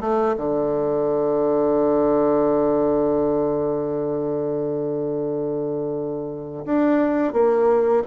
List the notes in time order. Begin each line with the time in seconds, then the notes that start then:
0.00 A3
0.37 D3
6.65 D4
7.33 A#3